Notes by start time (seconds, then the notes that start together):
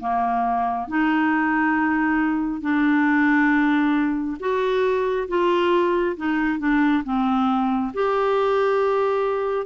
0.00 A#3
0.88 D#4
2.61 D4
4.40 F#4
5.29 F4
6.17 D#4
6.60 D4
7.05 C4
7.95 G4